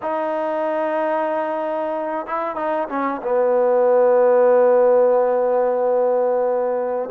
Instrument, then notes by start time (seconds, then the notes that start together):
trombone
0.02 D#4
2.26 E4
2.55 D#4
2.89 C#4
3.22 B3